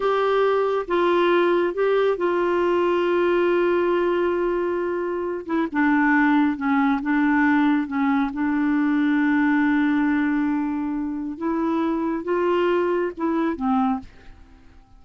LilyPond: \new Staff \with { instrumentName = "clarinet" } { \time 4/4 \tempo 4 = 137 g'2 f'2 | g'4 f'2.~ | f'1~ | f'8 e'8 d'2 cis'4 |
d'2 cis'4 d'4~ | d'1~ | d'2 e'2 | f'2 e'4 c'4 | }